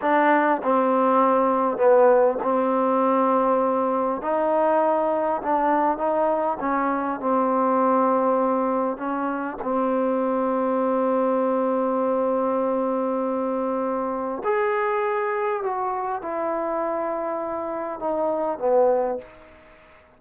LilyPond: \new Staff \with { instrumentName = "trombone" } { \time 4/4 \tempo 4 = 100 d'4 c'2 b4 | c'2. dis'4~ | dis'4 d'4 dis'4 cis'4 | c'2. cis'4 |
c'1~ | c'1 | gis'2 fis'4 e'4~ | e'2 dis'4 b4 | }